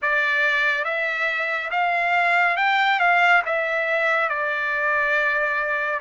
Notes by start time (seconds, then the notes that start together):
0.02 D5
0.84 E5
1.71 F5
2.56 G5
2.99 F5
3.45 E5
4.29 D5